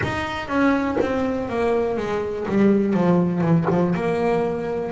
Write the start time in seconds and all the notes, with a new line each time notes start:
0.02 D#4
0.47 C#4
1.00 C4
1.49 A#3
1.97 G#3
2.48 G3
2.93 F3
3.41 E3
3.70 F3
3.95 A#3